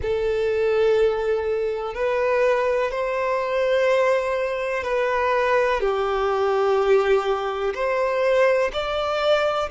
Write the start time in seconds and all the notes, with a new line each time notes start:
0.02 A4
1.94 B4
2.91 C5
4.83 B4
5.80 G4
7.74 C5
8.72 D5